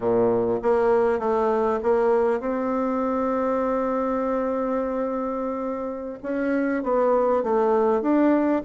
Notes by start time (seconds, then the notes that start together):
0.00 A#2
0.62 A#3
1.19 A3
1.82 A#3
2.40 C4
6.22 C#4
6.83 B3
7.43 A3
8.01 D4